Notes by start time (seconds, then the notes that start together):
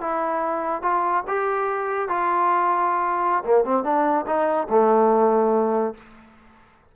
0.00 E4
0.82 F4
1.27 G4
2.08 F4
3.44 A#3
3.64 C4
3.84 D4
4.26 D#4
4.69 A3